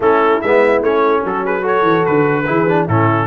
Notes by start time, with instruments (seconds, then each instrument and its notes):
0.00 tuba A3, trombone C#4, horn E4, trumpet A4
0.41 tuba G#3, trombone B3, trumpet E5
0.82 tuba A3, trombone C#4, trumpet C#5
1.24 tuba F#3, horn F#4, trumpet A4
1.44 horn G#4, trumpet B4
1.62 trombone F#4, horn A4, trumpet C#5
1.82 tuba E3
2.05 tuba D3, trumpet B4
2.46 tuba E3, trombone E4, horn G#4
2.68 trombone D4
2.86 tuba A2, trombone C#4, horn E4, trumpet A4